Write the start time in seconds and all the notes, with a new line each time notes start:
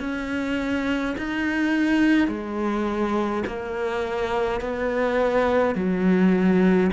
0.00 C#4
1.18 D#4
2.28 G#3
3.47 A#3
4.60 B3
5.75 F#3